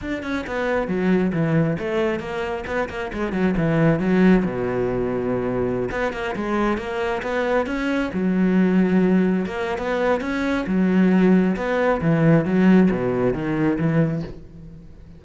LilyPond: \new Staff \with { instrumentName = "cello" } { \time 4/4 \tempo 4 = 135 d'8 cis'8 b4 fis4 e4 | a4 ais4 b8 ais8 gis8 fis8 | e4 fis4 b,2~ | b,4~ b,16 b8 ais8 gis4 ais8.~ |
ais16 b4 cis'4 fis4.~ fis16~ | fis4~ fis16 ais8. b4 cis'4 | fis2 b4 e4 | fis4 b,4 dis4 e4 | }